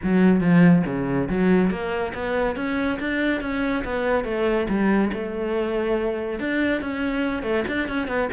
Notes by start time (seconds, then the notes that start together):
0.03 F#3
0.40 F3
0.86 C#3
1.29 F#3
1.70 A#3
2.14 B3
2.56 C#4
2.99 D4
3.41 C#4
3.84 B3
4.24 A3
4.68 G3
5.12 A3
6.39 D4
6.81 C#4
7.42 A3
7.67 D4
7.88 C#4
8.07 B3